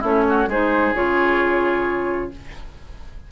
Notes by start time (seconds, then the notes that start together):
0.00 A3 C#4 E4 C#5
0.29 F#4
0.46 G#3 D#4 G#4 C5
0.94 C#3 F4 C#5